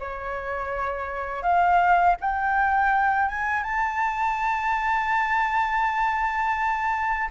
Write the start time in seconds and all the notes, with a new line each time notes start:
0.00 C#5
1.43 F5
2.21 G5
3.29 G#5
3.64 A5